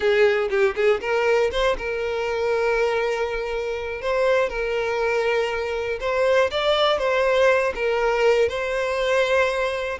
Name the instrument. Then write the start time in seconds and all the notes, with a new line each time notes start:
violin
0.00 G#4
0.50 G4
0.75 G#4
1.00 A#4
1.51 C5
1.77 A#4
4.01 C5
4.49 A#4
6.00 C5
6.50 D5
6.98 C5
7.75 A#4
8.48 C5